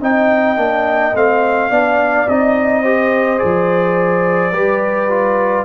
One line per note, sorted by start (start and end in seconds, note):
0.00 0.56 C4
0.00 0.56 D#4
0.00 1.70 D#5
0.00 1.16 G5
0.56 1.13 A#3
0.56 1.12 D4
1.13 1.70 A3
1.13 1.71 C4
1.13 2.28 F5
1.70 2.27 B3
1.70 2.27 D4
1.70 2.82 D5
2.28 3.41 C4
2.28 2.84 D#4
2.28 3.38 D#5
2.82 3.37 G4
2.82 4.52 C5
3.37 4.52 F3
3.37 4.51 G#4
3.37 5.64 D5
4.52 5.64 G3
4.52 5.09 G4
4.52 5.64 B4
5.09 5.64 F4